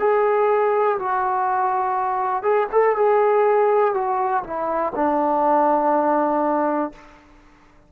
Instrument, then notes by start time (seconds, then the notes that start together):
trombone
0.00 G#4
0.99 F#4
2.43 G#4
2.72 A4
2.96 G#4
3.94 F#4
4.44 E4
4.96 D4